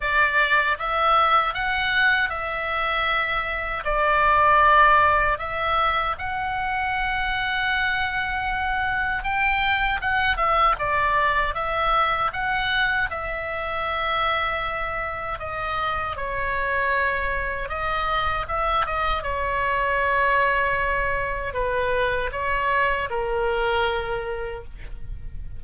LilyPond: \new Staff \with { instrumentName = "oboe" } { \time 4/4 \tempo 4 = 78 d''4 e''4 fis''4 e''4~ | e''4 d''2 e''4 | fis''1 | g''4 fis''8 e''8 d''4 e''4 |
fis''4 e''2. | dis''4 cis''2 dis''4 | e''8 dis''8 cis''2. | b'4 cis''4 ais'2 | }